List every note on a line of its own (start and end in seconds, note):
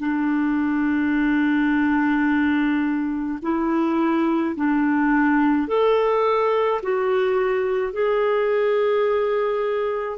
0.00 3.40 D4
3.43 4.56 E4
4.56 5.68 D4
5.68 6.81 A4
6.83 7.93 F#4
7.93 10.19 G#4